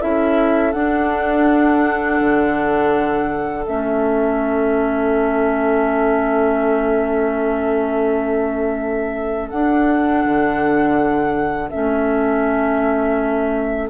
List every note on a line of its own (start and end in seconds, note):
0.00 0.74 C#4
0.00 0.73 E4
0.00 13.90 A4
0.00 0.73 E5
0.73 3.66 D4
0.73 2.20 D4
0.73 3.65 F#5
2.20 3.67 D3
3.67 9.52 A3
3.67 9.52 C#4
3.67 9.50 E5
9.50 10.25 D4
9.50 11.71 D4
9.50 11.69 F#5
10.25 11.71 D3
11.70 13.90 C#4
11.70 13.89 E5
11.76 13.90 A3